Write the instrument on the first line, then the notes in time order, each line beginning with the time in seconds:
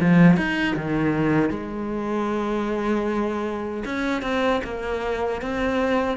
cello
0.00 F3
0.37 D#4
0.76 D#3
1.50 G#3
3.85 C#4
4.22 C4
4.64 A#3
5.42 C4